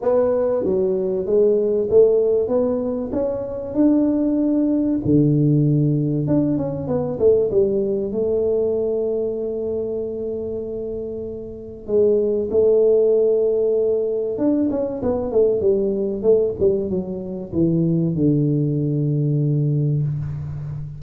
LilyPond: \new Staff \with { instrumentName = "tuba" } { \time 4/4 \tempo 4 = 96 b4 fis4 gis4 a4 | b4 cis'4 d'2 | d2 d'8 cis'8 b8 a8 | g4 a2.~ |
a2. gis4 | a2. d'8 cis'8 | b8 a8 g4 a8 g8 fis4 | e4 d2. | }